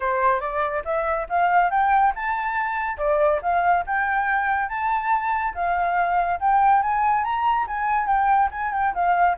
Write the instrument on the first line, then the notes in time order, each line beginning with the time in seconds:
flute
0.00 C5
0.40 D5
0.84 E5
1.29 F5
1.70 G5
2.15 A5
2.97 D5
3.42 F5
3.86 G5
4.68 A5
5.54 F5
6.39 G5
6.82 G#5
7.23 A#5
7.67 G#5
8.06 G5
8.51 G#5
8.72 G5
8.94 F5